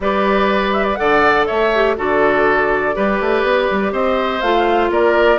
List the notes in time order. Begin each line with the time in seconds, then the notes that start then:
0.00 G3 G4 B4 D5
0.73 E5
0.83 D5
0.95 D3 A4 D5 F#5
1.46 A3 C#5 E5
1.74 G4
1.97 D3 F#4 A4 D5
2.93 G3 G4 B4
3.20 A3
3.43 B3
3.70 G3
3.92 C4 C5 D#5
4.41 A3 F4 F5
4.90 A#3 A#4 D5